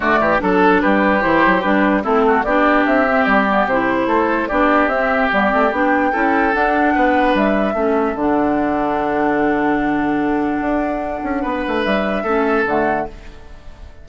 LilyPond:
<<
  \new Staff \with { instrumentName = "flute" } { \time 4/4 \tempo 4 = 147 d''4 a'4 b'4 c''4 | b'4 a'4 d''4 e''4 | d''4 c''2 d''4 | e''4 d''4 g''2 |
fis''2 e''2 | fis''1~ | fis''1~ | fis''4 e''2 fis''4 | }
  \new Staff \with { instrumentName = "oboe" } { \time 4/4 fis'8 g'8 a'4 g'2~ | g'4 e'8 fis'8 g'2~ | g'2 a'4 g'4~ | g'2. a'4~ |
a'4 b'2 a'4~ | a'1~ | a'1 | b'2 a'2 | }
  \new Staff \with { instrumentName = "clarinet" } { \time 4/4 a4 d'2 e'4 | d'4 c'4 d'4. c'8~ | c'8 b8 e'2 d'4 | c'4 b8 c'8 d'4 e'4 |
d'2. cis'4 | d'1~ | d'1~ | d'2 cis'4 a4 | }
  \new Staff \with { instrumentName = "bassoon" } { \time 4/4 d8 e8 fis4 g4 e8 fis8 | g4 a4 b4 c'4 | g4 c4 a4 b4 | c'4 g8 a8 b4 cis'4 |
d'4 b4 g4 a4 | d1~ | d2 d'4. cis'8 | b8 a8 g4 a4 d4 | }
>>